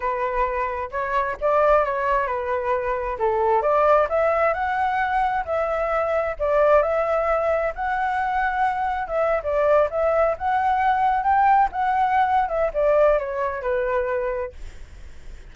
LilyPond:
\new Staff \with { instrumentName = "flute" } { \time 4/4 \tempo 4 = 132 b'2 cis''4 d''4 | cis''4 b'2 a'4 | d''4 e''4 fis''2 | e''2 d''4 e''4~ |
e''4 fis''2. | e''8. d''4 e''4 fis''4~ fis''16~ | fis''8. g''4 fis''4.~ fis''16 e''8 | d''4 cis''4 b'2 | }